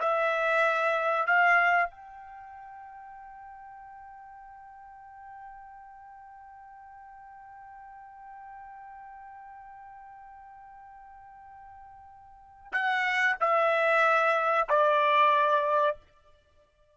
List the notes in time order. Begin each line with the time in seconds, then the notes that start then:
0.00 E5
1.27 F5
1.90 G5
12.72 F#5
13.41 E5
14.69 D5